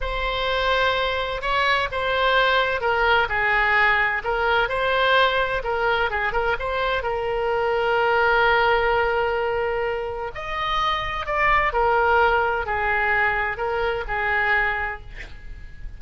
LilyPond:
\new Staff \with { instrumentName = "oboe" } { \time 4/4 \tempo 4 = 128 c''2. cis''4 | c''2 ais'4 gis'4~ | gis'4 ais'4 c''2 | ais'4 gis'8 ais'8 c''4 ais'4~ |
ais'1~ | ais'2 dis''2 | d''4 ais'2 gis'4~ | gis'4 ais'4 gis'2 | }